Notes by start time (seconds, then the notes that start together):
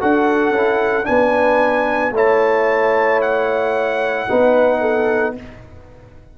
0.00 D4 F#4 A4 F#5
0.50 C#4 E4
1.04 B3 D4 B4 G#5
2.11 A3 E4 C#5 A5
3.21 F#5
4.28 B3 D#4 B4
4.81 A4